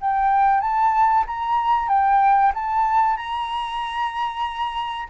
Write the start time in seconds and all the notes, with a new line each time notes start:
0.00 G5
0.61 A5
1.27 A#5
1.88 G5
2.54 A5
3.17 A#5